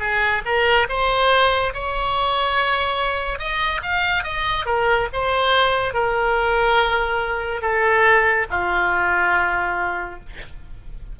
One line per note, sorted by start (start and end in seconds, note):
0.00 0.42 G#4
0.45 0.88 A#4
0.89 1.73 C5
1.74 3.39 C#5
3.39 3.81 D#5
3.83 4.24 F5
4.24 4.66 D#5
4.66 5.08 A#4
5.13 5.94 C5
5.94 7.62 A#4
7.62 8.46 A4
8.50 10.19 F4